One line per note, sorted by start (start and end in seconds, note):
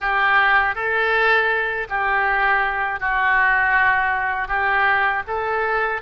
0.00 0.75 G4
0.75 1.87 A4
1.89 3.00 G4
3.00 4.48 F#4
4.48 5.23 G4
5.27 6.01 A4